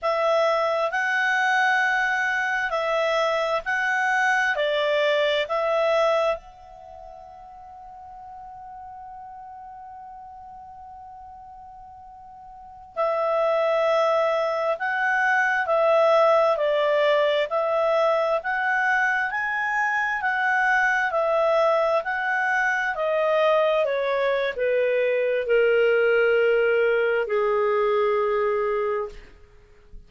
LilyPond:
\new Staff \with { instrumentName = "clarinet" } { \time 4/4 \tempo 4 = 66 e''4 fis''2 e''4 | fis''4 d''4 e''4 fis''4~ | fis''1~ | fis''2~ fis''16 e''4.~ e''16~ |
e''16 fis''4 e''4 d''4 e''8.~ | e''16 fis''4 gis''4 fis''4 e''8.~ | e''16 fis''4 dis''4 cis''8. b'4 | ais'2 gis'2 | }